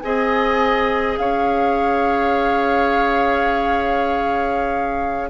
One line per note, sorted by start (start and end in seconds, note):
0.00 1.17 C4
0.00 5.29 G#4
0.00 1.18 D#5
0.00 1.14 G#5
1.17 5.29 C#4
1.17 5.29 C#5
1.17 5.29 F5